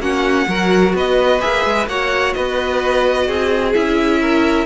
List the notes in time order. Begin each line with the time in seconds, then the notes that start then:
0.00 A#3 C#4 F#4 F#5
0.48 F#3 F#4 A#4
0.94 B3 B4 D#5
1.41 A#3 G#4 E5
1.66 G#3
1.87 A#3 F#4 C#5 F#5
2.34 B3 B4 D#5
3.27 C4 G#4
3.74 C#4 E4 E5
4.21 A#4